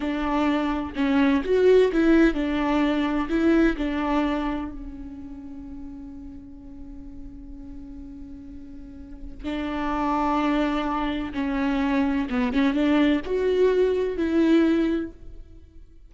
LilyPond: \new Staff \with { instrumentName = "viola" } { \time 4/4 \tempo 4 = 127 d'2 cis'4 fis'4 | e'4 d'2 e'4 | d'2 cis'2~ | cis'1~ |
cis'1 | d'1 | cis'2 b8 cis'8 d'4 | fis'2 e'2 | }